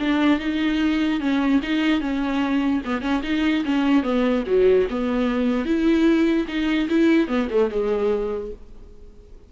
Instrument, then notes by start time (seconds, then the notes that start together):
viola
0.00 D4
0.39 D#4
1.20 C#4
1.63 D#4
2.01 C#4
2.85 B3
3.02 C#4
3.23 D#4
3.65 C#4
4.03 B3
4.47 F#3
4.90 B3
5.66 E4
6.48 D#4
6.89 E4
7.28 B3
7.51 A3
7.71 G#3